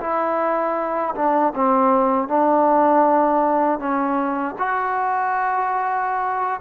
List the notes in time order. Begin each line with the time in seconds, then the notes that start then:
0.00 E4
1.15 D4
1.55 C4
2.28 D4
3.79 C#4
4.58 F#4